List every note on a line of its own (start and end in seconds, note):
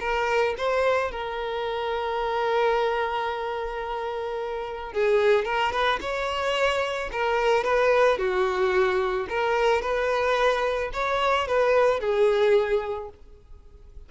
0.00 0.55 A#4
0.57 1.11 C5
1.11 4.93 A#4
4.93 5.44 G#4
5.44 5.72 A#4
5.72 5.99 B4
6.00 7.10 C#5
7.12 7.64 A#4
7.64 8.18 B4
8.18 9.27 F#4
9.29 9.82 A#4
9.82 10.91 B4
10.93 11.47 C#5
11.47 12.00 B4
12.00 13.09 G#4